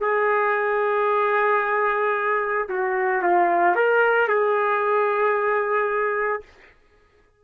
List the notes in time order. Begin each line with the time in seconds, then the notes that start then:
0.00 G#4
2.69 F#4
3.22 F4
3.75 A#4
4.28 G#4